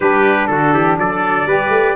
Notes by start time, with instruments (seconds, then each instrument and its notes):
0.00 tuba G3, saxophone D4, trumpet G4 B4
0.47 tuba D3, trumpet F#4 A4
0.72 tuba E3, trumpet G4
0.98 tuba F#3, trumpet A4 D5
1.45 tuba G3, saxophone G4, trumpet B4
1.68 tuba A3